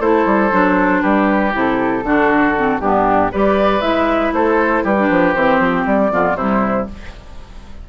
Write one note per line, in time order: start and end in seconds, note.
0.00 0.26 A3
0.00 0.51 E4
0.00 1.02 A4
0.00 1.02 C5
0.26 0.51 G3
0.51 1.03 F#3
0.51 1.52 D4
1.02 1.54 G3
1.02 2.03 G4
1.02 1.53 B4
1.52 2.04 C3
1.52 2.03 E4
1.52 2.80 A4
2.04 2.80 D3
2.04 2.56 D4
2.04 2.81 F#4
2.56 2.81 C4
2.80 3.31 G2
2.80 3.32 B3
2.80 3.32 D4
2.80 3.31 G4
3.32 3.82 G3
3.32 3.81 G4
3.32 4.34 B4
3.32 3.81 D5
3.81 4.33 G#3
3.81 4.96 E4
3.81 4.32 E5
4.33 4.84 A3
4.33 4.84 A4
4.33 4.85 C5
4.84 5.10 G3
4.84 6.11 G4
4.84 5.35 B4
4.98 5.36 D4
5.10 5.35 F3
5.35 5.60 E3
5.35 6.12 C4
5.35 5.85 C5
5.60 5.85 F3
5.86 6.11 G3
5.86 6.36 D5
6.11 6.35 F2
6.11 6.37 B3
6.11 6.37 F4
6.35 6.86 C3
6.35 6.89 G3
6.35 6.87 E4
6.35 6.87 C5